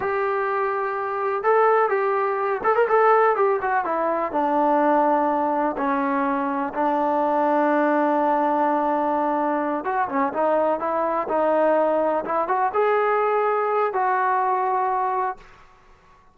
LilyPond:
\new Staff \with { instrumentName = "trombone" } { \time 4/4 \tempo 4 = 125 g'2. a'4 | g'4. a'16 ais'16 a'4 g'8 fis'8 | e'4 d'2. | cis'2 d'2~ |
d'1~ | d'8 fis'8 cis'8 dis'4 e'4 dis'8~ | dis'4. e'8 fis'8 gis'4.~ | gis'4 fis'2. | }